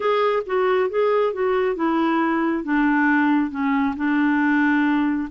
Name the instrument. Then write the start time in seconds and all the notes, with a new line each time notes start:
clarinet
0.00 G#4
0.46 F#4
0.89 G#4
1.33 F#4
1.75 E4
2.64 D4
3.50 C#4
3.96 D4